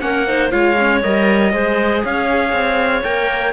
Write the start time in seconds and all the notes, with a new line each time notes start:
0.00 A#3 C#4 A#4 F#5
0.27 D#4 C5
0.51 G#3 F4 C#5 F5
0.78 C#4
1.03 G3 A#4 D#5
1.53 G#3 G#4 C5
2.05 C#4 C#5 F5
2.52 C4
3.04 A#3 A#4 G5